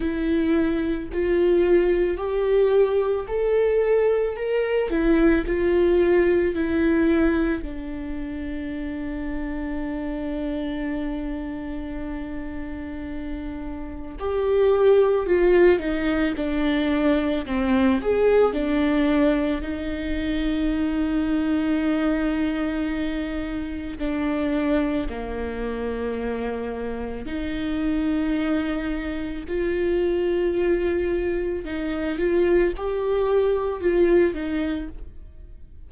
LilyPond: \new Staff \with { instrumentName = "viola" } { \time 4/4 \tempo 4 = 55 e'4 f'4 g'4 a'4 | ais'8 e'8 f'4 e'4 d'4~ | d'1~ | d'4 g'4 f'8 dis'8 d'4 |
c'8 gis'8 d'4 dis'2~ | dis'2 d'4 ais4~ | ais4 dis'2 f'4~ | f'4 dis'8 f'8 g'4 f'8 dis'8 | }